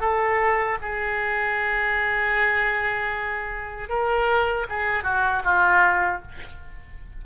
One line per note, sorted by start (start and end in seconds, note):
0.00 0.78 A4
0.81 3.89 G#4
3.89 4.67 A#4
4.69 5.04 G#4
5.04 5.43 F#4
5.44 6.22 F4